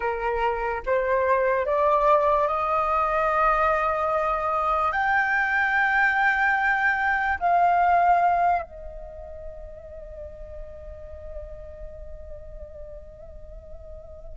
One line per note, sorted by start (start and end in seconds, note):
0.00 0.82 A#4
0.86 1.66 C5
1.66 2.47 D5
2.47 4.91 D#5
4.91 7.38 G5
7.39 8.62 F5
8.62 14.37 D#5